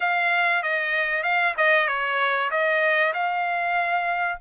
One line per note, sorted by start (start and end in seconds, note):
0.00 0.62 F5
0.62 1.23 D#5
1.23 1.54 F5
1.57 1.87 D#5
1.87 2.50 C#5
2.50 3.13 D#5
3.13 4.38 F5